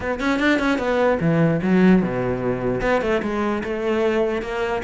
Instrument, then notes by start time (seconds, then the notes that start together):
cello
0.00 B3
0.20 C#4
0.39 D4
0.59 C#4
0.78 B3
1.20 E3
1.62 F#3
2.02 B2
2.81 B3
3.01 A3
3.22 G#3
3.63 A3
4.42 A#3